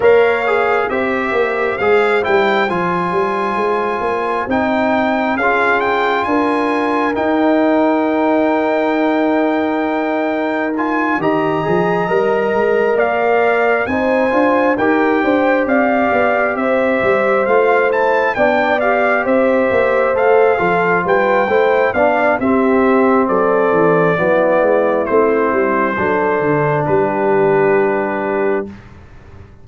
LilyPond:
<<
  \new Staff \with { instrumentName = "trumpet" } { \time 4/4 \tempo 4 = 67 f''4 e''4 f''8 g''8 gis''4~ | gis''4 g''4 f''8 g''8 gis''4 | g''1 | gis''8 ais''2 f''4 gis''8~ |
gis''8 g''4 f''4 e''4 f''8 | a''8 g''8 f''8 e''4 f''4 g''8~ | g''8 f''8 e''4 d''2 | c''2 b'2 | }
  \new Staff \with { instrumentName = "horn" } { \time 4/4 cis''4 c''2.~ | c''2 gis'4 ais'4~ | ais'1~ | ais'8 dis''2 d''4 c''8~ |
c''8 ais'8 c''8 d''4 c''4.~ | c''8 d''4 c''4. a'8 b'8 | c''8 d''8 g'4 a'4 e'4~ | e'4 a'4 g'2 | }
  \new Staff \with { instrumentName = "trombone" } { \time 4/4 ais'8 gis'8 g'4 gis'8 e'8 f'4~ | f'4 dis'4 f'2 | dis'1 | f'8 g'8 gis'8 ais'2 dis'8 |
f'8 g'2. f'8 | e'8 d'8 g'4. a'8 f'4 | e'8 d'8 c'2 b4 | c'4 d'2. | }
  \new Staff \with { instrumentName = "tuba" } { \time 4/4 ais4 c'8 ais8 gis8 g8 f8 g8 | gis8 ais8 c'4 cis'4 d'4 | dis'1~ | dis'8 dis8 f8 g8 gis8 ais4 c'8 |
d'8 dis'8 d'8 c'8 b8 c'8 g8 a8~ | a8 b4 c'8 ais8 a8 f8 g8 | a8 b8 c'4 fis8 e8 fis8 gis8 | a8 g8 fis8 d8 g2 | }
>>